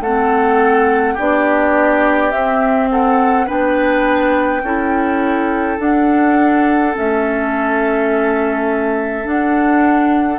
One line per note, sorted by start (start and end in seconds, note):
0.00 1.15 A3
0.00 1.18 C4
0.00 1.14 A4
0.00 1.18 F#5
1.14 2.33 B3
1.14 2.32 D4
1.14 2.87 G4
1.14 2.31 D5
2.31 3.46 C4
2.31 3.48 C4
2.31 2.88 E5
2.91 3.46 A4
2.91 3.48 F#5
3.46 4.62 B3
3.46 4.62 D4
3.46 4.62 B4
3.46 5.80 G5
4.62 5.78 C#4
4.62 5.77 E4
4.62 10.38 A4
5.77 6.93 D4
5.77 6.94 D4
5.77 6.96 F#5
6.94 9.26 A3
6.94 9.24 C#4
6.94 9.27 E5
9.24 10.38 D4
9.24 10.38 F#5